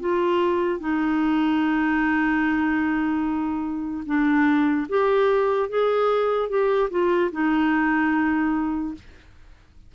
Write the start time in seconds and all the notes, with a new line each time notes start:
0.00 F4
0.80 D#4
4.06 D4
4.89 G4
5.69 G#4
6.49 G4
6.90 F4
7.32 D#4